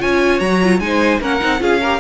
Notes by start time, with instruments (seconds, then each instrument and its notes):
0.00 cello C#4, viola F4, violin C#5 G#5
0.40 cello F#3, viola F#4, violin A#5
0.64 viola F4
0.80 cello G#3, viola D#4, violin C5 G#5
1.21 cello A#3, viola C#4, violin A#4 F#5
1.41 cello C4, viola D#4
1.60 cello C#4, viola F4, violin G#4 F5
1.81 viola G4, violin A#4